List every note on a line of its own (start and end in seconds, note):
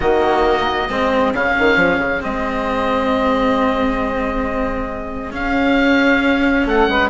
0.00 0.87 D#3
0.00 0.89 A#3
0.00 0.88 F#4
0.00 1.33 D#5
0.88 1.33 G#3
0.88 1.34 C4
0.88 6.66 G#4
1.33 1.55 C#3
1.33 2.20 C#4
1.33 2.23 F5
1.58 1.76 D#3
1.76 1.98 F3
1.98 2.20 C#3
2.20 5.35 G#3
2.20 5.31 C4
2.20 5.34 D#5
5.31 7.09 C#4
5.31 6.65 C#4
5.31 6.67 F5
6.65 6.87 A3
6.65 6.89 A4
6.65 7.09 F#5
6.88 7.09 G#3
6.88 7.09 B4